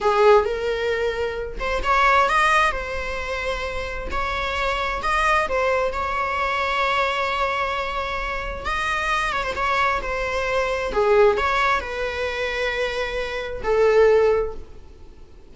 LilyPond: \new Staff \with { instrumentName = "viola" } { \time 4/4 \tempo 4 = 132 gis'4 ais'2~ ais'8 c''8 | cis''4 dis''4 c''2~ | c''4 cis''2 dis''4 | c''4 cis''2.~ |
cis''2. dis''4~ | dis''8 cis''16 c''16 cis''4 c''2 | gis'4 cis''4 b'2~ | b'2 a'2 | }